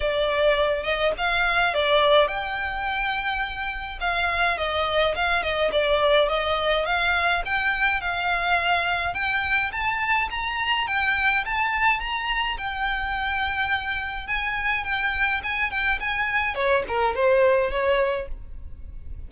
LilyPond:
\new Staff \with { instrumentName = "violin" } { \time 4/4 \tempo 4 = 105 d''4. dis''8 f''4 d''4 | g''2. f''4 | dis''4 f''8 dis''8 d''4 dis''4 | f''4 g''4 f''2 |
g''4 a''4 ais''4 g''4 | a''4 ais''4 g''2~ | g''4 gis''4 g''4 gis''8 g''8 | gis''4 cis''8 ais'8 c''4 cis''4 | }